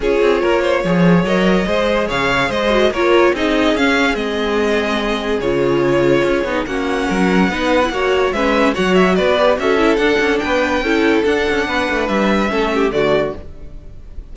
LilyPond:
<<
  \new Staff \with { instrumentName = "violin" } { \time 4/4 \tempo 4 = 144 cis''2. dis''4~ | dis''4 f''4 dis''4 cis''4 | dis''4 f''4 dis''2~ | dis''4 cis''2. |
fis''1 | e''4 fis''8 e''8 d''4 e''4 | fis''4 g''2 fis''4~ | fis''4 e''2 d''4 | }
  \new Staff \with { instrumentName = "violin" } { \time 4/4 gis'4 ais'8 c''8 cis''2 | c''4 cis''4 c''4 ais'4 | gis'1~ | gis'1 |
fis'4 ais'4 b'4 cis''4 | b'4 cis''4 b'4 a'4~ | a'4 b'4 a'2 | b'2 a'8 g'8 fis'4 | }
  \new Staff \with { instrumentName = "viola" } { \time 4/4 f'2 gis'4 ais'4 | gis'2~ gis'8 fis'8 f'4 | dis'4 cis'4 c'2~ | c'4 f'2~ f'8 dis'8 |
cis'2 dis'8. e'16 fis'4 | cis'4 fis'4. g'8 fis'8 e'8 | d'2 e'4 d'4~ | d'2 cis'4 a4 | }
  \new Staff \with { instrumentName = "cello" } { \time 4/4 cis'8 c'8 ais4 f4 fis4 | gis4 cis4 gis4 ais4 | c'4 cis'4 gis2~ | gis4 cis2 cis'8 b8 |
ais4 fis4 b4 ais4 | gis4 fis4 b4 cis'4 | d'8 cis'8 b4 cis'4 d'8 cis'8 | b8 a8 g4 a4 d4 | }
>>